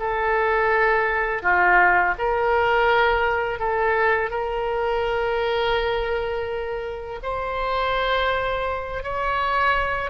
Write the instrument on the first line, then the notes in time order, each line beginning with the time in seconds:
oboe
0.00 A4
1.43 F4
2.19 A#4
3.59 A4
4.31 A#4
7.23 C5
9.04 C#5